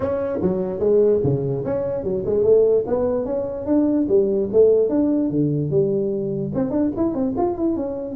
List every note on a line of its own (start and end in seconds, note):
0.00 0.39 C#4
0.41 0.79 F#3
0.79 1.20 G#3
1.23 1.64 C#3
1.65 2.03 C#4
2.03 2.24 F#3
2.25 2.43 G#3
2.43 2.84 A3
2.86 3.25 B3
3.25 3.65 C#4
3.65 4.06 D4
4.08 4.49 G3
4.52 4.89 A3
4.89 5.30 D4
5.30 5.70 D3
5.70 6.52 G3
6.55 6.70 C4
6.70 6.91 D4
6.96 7.14 E4
7.14 7.34 C4
7.37 7.57 F4
7.57 7.76 E4
7.76 8.15 C#4